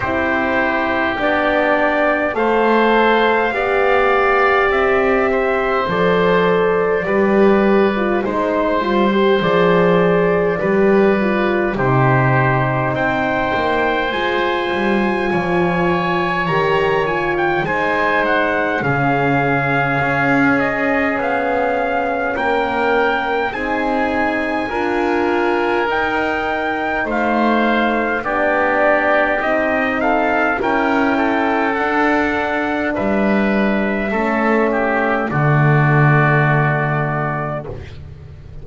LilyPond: <<
  \new Staff \with { instrumentName = "trumpet" } { \time 4/4 \tempo 4 = 51 c''4 d''4 f''2 | e''4 d''2 c''4 | d''2 c''4 g''4 | gis''2 ais''8 gis''16 g''16 gis''8 fis''8 |
f''4. dis''8 f''4 g''4 | gis''2 g''4 f''4 | d''4 dis''8 f''8 g''4 fis''4 | e''2 d''2 | }
  \new Staff \with { instrumentName = "oboe" } { \time 4/4 g'2 c''4 d''4~ | d''8 c''4. b'4 c''4~ | c''4 b'4 g'4 c''4~ | c''4 cis''2 c''4 |
gis'2. ais'4 | gis'4 ais'2 c''4 | g'4. a'8 ais'8 a'4. | b'4 a'8 g'8 fis'2 | }
  \new Staff \with { instrumentName = "horn" } { \time 4/4 e'4 d'4 a'4 g'4~ | g'4 a'4 g'8. f'16 dis'8 f'16 g'16 | gis'4 g'8 f'8 dis'2 | f'2 g'8 f'8 dis'4 |
cis'1 | dis'4 f'4 dis'2 | d'4 dis'4 e'4 d'4~ | d'4 cis'4 a2 | }
  \new Staff \with { instrumentName = "double bass" } { \time 4/4 c'4 b4 a4 b4 | c'4 f4 g4 gis8 g8 | f4 g4 c4 c'8 ais8 | gis8 g8 f4 dis4 gis4 |
cis4 cis'4 b4 ais4 | c'4 d'4 dis'4 a4 | b4 c'4 cis'4 d'4 | g4 a4 d2 | }
>>